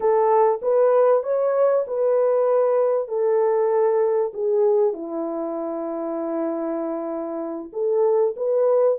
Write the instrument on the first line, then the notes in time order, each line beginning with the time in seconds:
horn
0.00 A4
0.62 B4
1.23 C#5
1.87 B4
3.08 A4
4.33 G#4
4.93 E4
7.72 A4
8.36 B4